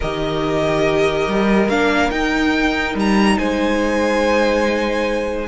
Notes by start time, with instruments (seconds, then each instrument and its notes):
0.00 cello D#3, viola G4, violin A#4 D#5
1.27 cello G3
1.68 cello A#3, viola D4, violin F5
2.10 viola D#4, cello D#4, violin G5
2.95 cello G3, violin A#5
3.38 cello G#3, violin C5 G#5